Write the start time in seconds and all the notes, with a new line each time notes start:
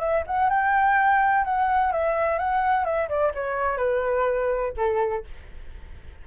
0.00 E5
0.27 F#5
0.50 G5
1.45 F#5
1.92 E5
2.39 F#5
2.85 E5
3.09 D5
3.35 C#5
3.78 B4
4.77 A4